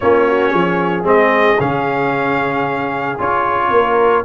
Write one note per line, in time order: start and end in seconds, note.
0.00 0.53 A#3
0.00 1.03 C#4
0.00 0.27 F4
0.00 1.04 C#5
0.27 0.49 F#4
0.49 1.03 F3
0.49 3.68 G#4
1.03 1.56 G#3
1.03 1.56 C4
1.03 1.60 D#5
1.59 3.19 C#3
1.59 3.18 C#4
1.59 3.19 F5
3.18 3.70 C#4
3.18 4.24 F4
3.18 4.25 C#5
3.70 4.23 A#3
3.70 4.25 A#4